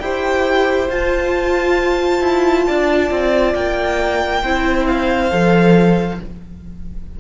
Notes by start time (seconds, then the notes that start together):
0.00 E4 G4 C5 G5
0.89 F4 A5
2.21 E4
2.67 D4 D5
3.10 C4
3.54 A#3 G5
4.43 C4 E4 C5
4.87 F5
5.31 F3 A4